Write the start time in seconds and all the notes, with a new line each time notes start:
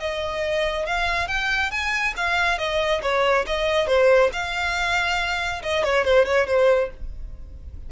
0.00 D#5
0.86 F5
1.28 G5
1.71 G#5
2.16 F5
2.58 D#5
3.02 C#5
3.46 D#5
3.87 C5
4.33 F5
5.62 D#5
5.84 C#5
6.05 C5
6.25 C#5
6.47 C5